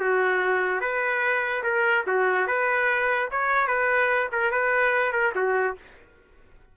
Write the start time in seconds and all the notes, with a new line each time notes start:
0.00 F#4
0.81 B4
1.63 A#4
2.07 F#4
2.47 B4
3.31 C#5
3.67 B4
4.32 A#4
4.51 B4
5.12 A#4
5.35 F#4